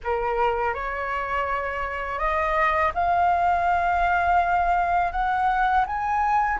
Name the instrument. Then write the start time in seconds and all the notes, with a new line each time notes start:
flute
0.03 A#4
0.74 C#5
2.18 D#5
2.94 F5
5.12 F#5
5.86 G#5